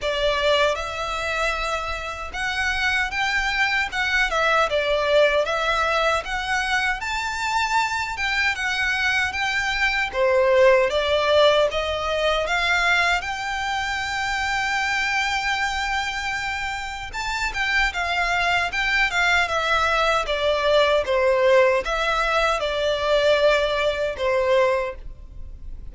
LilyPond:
\new Staff \with { instrumentName = "violin" } { \time 4/4 \tempo 4 = 77 d''4 e''2 fis''4 | g''4 fis''8 e''8 d''4 e''4 | fis''4 a''4. g''8 fis''4 | g''4 c''4 d''4 dis''4 |
f''4 g''2.~ | g''2 a''8 g''8 f''4 | g''8 f''8 e''4 d''4 c''4 | e''4 d''2 c''4 | }